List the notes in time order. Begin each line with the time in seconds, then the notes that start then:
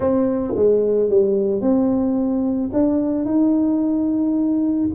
0.00 C4
0.56 G#3
1.09 G3
1.61 C4
2.73 D4
3.25 D#4